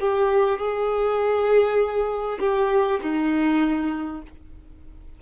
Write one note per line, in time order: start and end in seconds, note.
0.00 0.59 G4
0.59 2.39 G#4
2.39 2.99 G4
3.02 4.22 D#4